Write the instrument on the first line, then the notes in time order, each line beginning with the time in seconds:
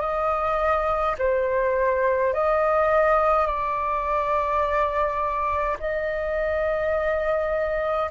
flute
0.00 D#5
1.18 C5
2.33 D#5
3.46 D5
5.79 D#5